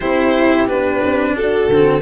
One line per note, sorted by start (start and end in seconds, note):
0.00 0.68 C4
0.00 0.67 E4
0.00 1.33 G4
0.00 0.67 C5
0.67 1.02 B3
0.67 1.68 D4
0.67 1.35 B4
1.03 1.32 C4
1.32 1.66 D4
1.32 2.01 F#4
1.32 2.01 A4
1.69 2.01 D3
1.69 2.01 C4